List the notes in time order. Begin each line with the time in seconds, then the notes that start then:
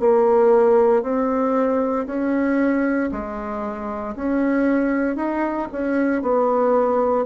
0.00 A#3
1.03 C4
2.07 C#4
3.12 G#3
4.16 C#4
5.16 D#4
5.72 C#4
6.22 B3